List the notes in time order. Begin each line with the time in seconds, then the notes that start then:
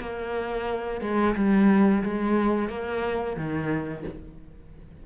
0.00 A#3
1.01 G#3
1.35 G3
2.03 G#3
2.69 A#3
3.36 D#3